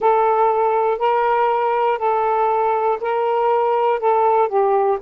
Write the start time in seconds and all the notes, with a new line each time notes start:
0.00 A4
0.98 A#4
1.98 A4
3.00 A#4
4.00 A4
4.48 G4